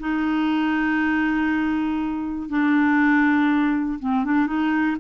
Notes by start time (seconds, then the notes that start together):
0.00 D#4
2.49 D4
4.00 C4
4.25 D4
4.47 D#4